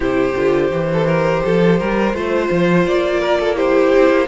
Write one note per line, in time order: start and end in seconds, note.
0.00 0.33 C3
0.00 0.33 E4
0.00 0.89 G4
0.00 2.86 C5
0.35 0.70 D3
0.35 0.71 F4
0.70 1.42 E3
0.70 2.14 G4
0.93 1.07 A4
1.07 1.42 A#4
1.44 1.81 F3
1.44 1.79 A4
1.79 2.13 G3
1.79 2.15 A#4
2.13 2.49 A3
2.13 3.55 F4
2.13 3.20 C5
2.51 2.86 F3
2.86 3.93 A#3
2.86 3.57 D5
3.20 3.38 A#4
3.39 3.55 A4
3.55 4.27 E4
3.55 4.26 G4
3.55 4.27 C5
3.94 4.10 C4
4.10 4.27 A#3